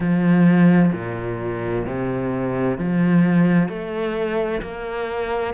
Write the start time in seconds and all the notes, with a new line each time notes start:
0.00 F3
0.92 A#2
1.85 C3
2.78 F3
3.68 A3
4.62 A#3